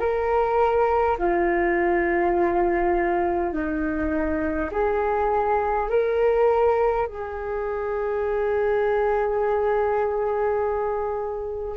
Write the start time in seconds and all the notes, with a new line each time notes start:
0.00 A#4
1.18 F4
3.53 D#4
4.72 G#4
5.90 A#4
7.07 G#4